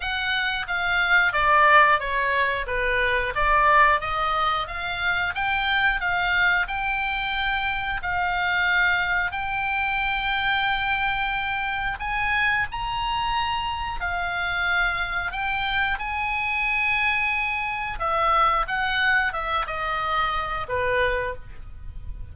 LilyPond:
\new Staff \with { instrumentName = "oboe" } { \time 4/4 \tempo 4 = 90 fis''4 f''4 d''4 cis''4 | b'4 d''4 dis''4 f''4 | g''4 f''4 g''2 | f''2 g''2~ |
g''2 gis''4 ais''4~ | ais''4 f''2 g''4 | gis''2. e''4 | fis''4 e''8 dis''4. b'4 | }